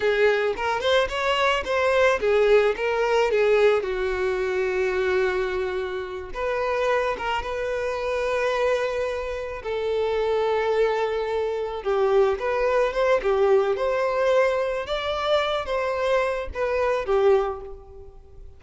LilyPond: \new Staff \with { instrumentName = "violin" } { \time 4/4 \tempo 4 = 109 gis'4 ais'8 c''8 cis''4 c''4 | gis'4 ais'4 gis'4 fis'4~ | fis'2.~ fis'8 b'8~ | b'4 ais'8 b'2~ b'8~ |
b'4. a'2~ a'8~ | a'4. g'4 b'4 c''8 | g'4 c''2 d''4~ | d''8 c''4. b'4 g'4 | }